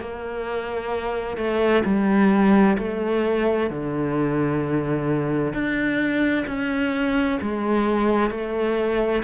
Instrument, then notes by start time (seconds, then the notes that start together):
cello
0.00 A#3
1.37 A3
1.85 G3
2.77 A3
3.70 D3
5.53 D4
6.47 C#4
7.41 G#3
8.30 A3